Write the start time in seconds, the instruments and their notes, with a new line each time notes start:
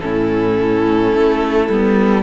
0.00 cello A2, viola C#4, violin E4 A4
1.13 cello A3
1.70 cello G3, viola B3